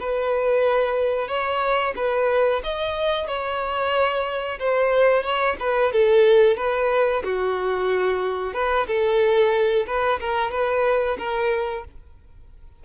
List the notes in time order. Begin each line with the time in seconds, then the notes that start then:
0.00 B4
1.28 C#5
1.96 B4
2.64 D#5
3.27 C#5
4.59 C5
5.23 C#5
5.60 B4
5.93 A4
6.57 B4
7.24 F#4
8.54 B4
8.87 A4
9.87 B4
10.20 A#4
10.51 B4
11.18 A#4